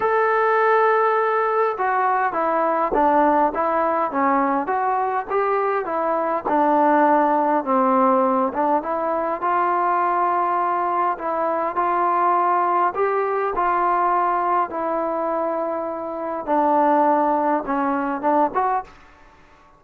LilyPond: \new Staff \with { instrumentName = "trombone" } { \time 4/4 \tempo 4 = 102 a'2. fis'4 | e'4 d'4 e'4 cis'4 | fis'4 g'4 e'4 d'4~ | d'4 c'4. d'8 e'4 |
f'2. e'4 | f'2 g'4 f'4~ | f'4 e'2. | d'2 cis'4 d'8 fis'8 | }